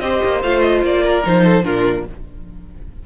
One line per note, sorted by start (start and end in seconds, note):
0.00 0.20 C4
0.00 0.43 G4
0.00 1.03 C5
0.00 0.41 D#5
0.25 0.44 A#3
0.43 0.83 A3
0.43 1.24 F4
0.43 0.61 F5
0.61 0.81 D#5
0.83 1.24 A#3
0.83 1.26 D5
1.03 1.44 A#4
1.24 1.64 F3
1.24 1.63 D#4
1.24 1.65 C5
1.45 1.65 A4
1.63 2.05 A#2
1.63 2.04 D4
1.63 2.06 F4
1.63 2.05 A#4